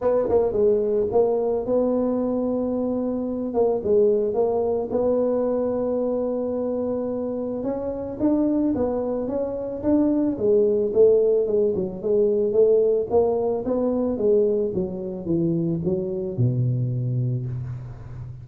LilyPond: \new Staff \with { instrumentName = "tuba" } { \time 4/4 \tempo 4 = 110 b8 ais8 gis4 ais4 b4~ | b2~ b8 ais8 gis4 | ais4 b2.~ | b2 cis'4 d'4 |
b4 cis'4 d'4 gis4 | a4 gis8 fis8 gis4 a4 | ais4 b4 gis4 fis4 | e4 fis4 b,2 | }